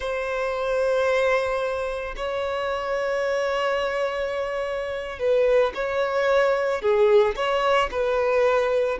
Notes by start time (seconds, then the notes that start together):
0.00 C5
2.16 C#5
5.19 B4
5.74 C#5
6.81 G#4
7.35 C#5
7.91 B4